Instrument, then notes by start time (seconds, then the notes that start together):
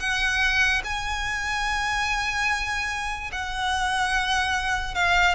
violin
0.00 F#5
0.84 G#5
3.32 F#5
4.95 F5